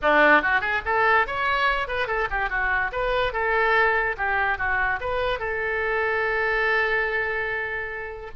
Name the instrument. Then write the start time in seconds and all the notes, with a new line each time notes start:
oboe
0.02 D4
0.41 F#4
0.60 G#4
0.85 A4
1.26 C#5
1.87 B4
2.07 A4
2.30 G4
2.49 F#4
2.92 B4
3.32 A4
4.17 G4
4.58 F#4
5.00 B4
5.39 A4